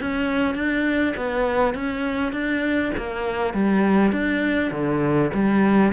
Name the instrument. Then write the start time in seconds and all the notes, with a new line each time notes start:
cello
0.00 C#4
0.55 D4
1.16 B3
1.74 C#4
2.32 D4
2.97 A#3
3.53 G3
4.12 D4
4.71 D3
5.33 G3